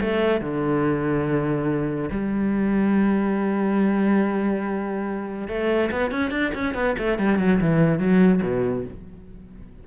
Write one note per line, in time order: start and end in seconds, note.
0.00 0.40 A3
0.40 2.09 D3
2.10 5.48 G3
5.48 5.90 A3
5.91 6.11 B3
6.11 6.31 C#4
6.31 6.52 D4
6.54 6.74 C#4
6.74 6.95 B3
6.98 7.18 A3
7.18 7.38 G3
7.38 7.60 F#3
7.61 7.99 E3
7.99 8.41 F#3
8.42 8.84 B2